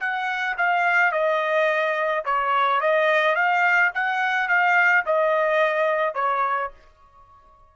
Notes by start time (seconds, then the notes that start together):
0.00 F#5
0.57 F5
1.12 D#5
2.25 C#5
2.80 D#5
3.35 F5
3.94 F#5
4.48 F5
5.06 D#5
6.15 C#5